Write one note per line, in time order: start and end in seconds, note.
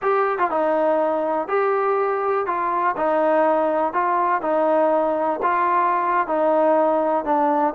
0.02 0.38 G4
0.38 0.50 F4
0.50 1.48 D#4
1.48 2.46 G4
2.46 2.95 F4
2.96 3.93 D#4
3.93 4.41 F4
4.41 5.40 D#4
5.42 6.27 F4
6.27 7.25 D#4
7.25 7.74 D4